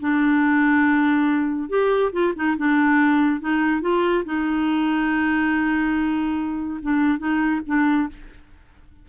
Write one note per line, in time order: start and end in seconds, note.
0.00 1.69 D4
1.69 2.12 G4
2.12 2.34 F4
2.36 2.57 D#4
2.57 3.40 D4
3.40 3.81 D#4
3.81 4.24 F4
4.25 6.80 D#4
6.82 7.18 D4
7.18 7.61 D#4
7.66 8.09 D4